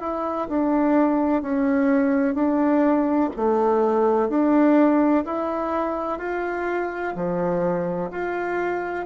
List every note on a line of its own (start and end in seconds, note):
0.00 0.48 E4
0.48 1.42 D4
1.42 2.35 C#4
2.35 3.30 D4
3.36 4.29 A3
4.29 5.24 D4
5.25 6.19 E4
6.19 7.14 F4
7.16 8.11 F3
8.11 9.06 F4